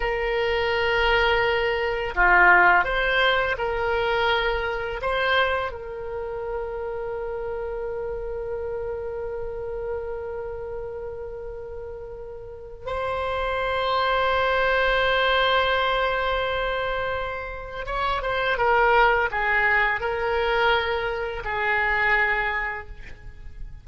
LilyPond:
\new Staff \with { instrumentName = "oboe" } { \time 4/4 \tempo 4 = 84 ais'2. f'4 | c''4 ais'2 c''4 | ais'1~ | ais'1~ |
ais'2 c''2~ | c''1~ | c''4 cis''8 c''8 ais'4 gis'4 | ais'2 gis'2 | }